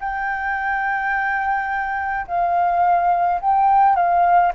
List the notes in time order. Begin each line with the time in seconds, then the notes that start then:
0.00 G5
2.27 F5
3.41 G5
3.96 F5